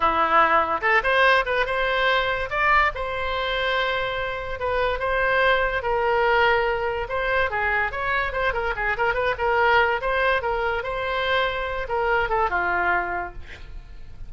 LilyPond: \new Staff \with { instrumentName = "oboe" } { \time 4/4 \tempo 4 = 144 e'2 a'8 c''4 b'8 | c''2 d''4 c''4~ | c''2. b'4 | c''2 ais'2~ |
ais'4 c''4 gis'4 cis''4 | c''8 ais'8 gis'8 ais'8 b'8 ais'4. | c''4 ais'4 c''2~ | c''8 ais'4 a'8 f'2 | }